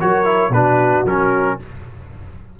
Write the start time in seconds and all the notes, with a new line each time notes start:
0.00 F#3 F#4 A#4 C#5
0.25 E4
0.49 B2 D4 F#4 B4
1.05 F#3 C#4 A#4